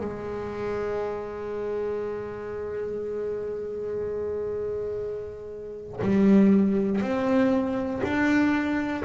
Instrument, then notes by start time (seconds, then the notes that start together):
double bass
0.00 G#3
6.02 G3
7.02 C4
8.03 D4